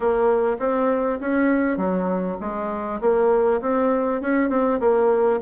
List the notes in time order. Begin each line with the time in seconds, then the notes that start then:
0.00 A#3
0.59 C4
1.20 C#4
1.77 F#3
2.40 G#3
3.01 A#3
3.61 C4
4.21 C#4
4.49 C4
4.79 A#3